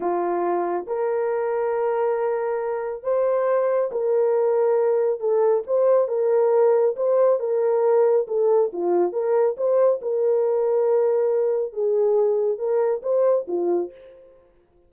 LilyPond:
\new Staff \with { instrumentName = "horn" } { \time 4/4 \tempo 4 = 138 f'2 ais'2~ | ais'2. c''4~ | c''4 ais'2. | a'4 c''4 ais'2 |
c''4 ais'2 a'4 | f'4 ais'4 c''4 ais'4~ | ais'2. gis'4~ | gis'4 ais'4 c''4 f'4 | }